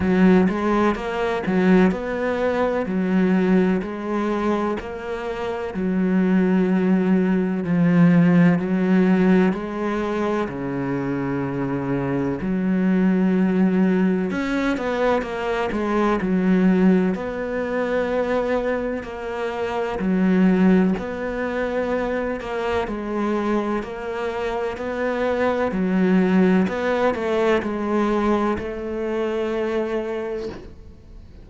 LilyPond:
\new Staff \with { instrumentName = "cello" } { \time 4/4 \tempo 4 = 63 fis8 gis8 ais8 fis8 b4 fis4 | gis4 ais4 fis2 | f4 fis4 gis4 cis4~ | cis4 fis2 cis'8 b8 |
ais8 gis8 fis4 b2 | ais4 fis4 b4. ais8 | gis4 ais4 b4 fis4 | b8 a8 gis4 a2 | }